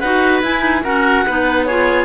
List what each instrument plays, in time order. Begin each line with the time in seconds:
0.00 cello D#4, clarinet F#4 F#5, oboe B4
0.42 cello E4, clarinet E4 G#5
0.60 clarinet D#4
0.84 clarinet C#4 F#5, cello F#4, oboe A#4
1.27 cello B3, clarinet D#4, oboe B4
1.65 clarinet F4 C#5, oboe G#4